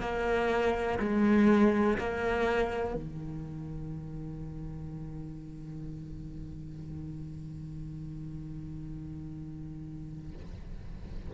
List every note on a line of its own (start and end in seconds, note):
0.00 0.98 A#3
0.99 1.98 G#3
1.99 2.95 A#3
2.95 10.32 D#3